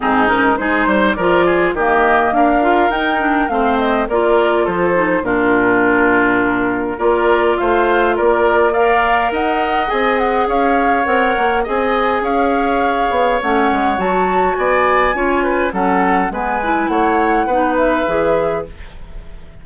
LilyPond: <<
  \new Staff \with { instrumentName = "flute" } { \time 4/4 \tempo 4 = 103 gis'8 ais'8 c''4 d''4 dis''4 | f''4 g''4 f''8 dis''8 d''4 | c''4 ais'2. | d''4 f''4 d''4 f''4 |
fis''4 gis''8 fis''8 f''4 fis''4 | gis''4 f''2 fis''4 | a''4 gis''2 fis''4 | gis''4 fis''4. e''4. | }
  \new Staff \with { instrumentName = "oboe" } { \time 4/4 dis'4 gis'8 c''8 ais'8 gis'8 g'4 | ais'2 c''4 ais'4 | a'4 f'2. | ais'4 c''4 ais'4 d''4 |
dis''2 cis''2 | dis''4 cis''2.~ | cis''4 d''4 cis''8 b'8 a'4 | b'4 cis''4 b'2 | }
  \new Staff \with { instrumentName = "clarinet" } { \time 4/4 c'8 cis'8 dis'4 f'4 ais4~ | ais8 f'8 dis'8 d'8 c'4 f'4~ | f'8 dis'8 d'2. | f'2. ais'4~ |
ais'4 gis'2 ais'4 | gis'2. cis'4 | fis'2 f'4 cis'4 | b8 e'4. dis'4 gis'4 | }
  \new Staff \with { instrumentName = "bassoon" } { \time 4/4 gis,4 gis8 g8 f4 dis4 | d'4 dis'4 a4 ais4 | f4 ais,2. | ais4 a4 ais2 |
dis'4 c'4 cis'4 c'8 ais8 | c'4 cis'4. b8 a8 gis8 | fis4 b4 cis'4 fis4 | gis4 a4 b4 e4 | }
>>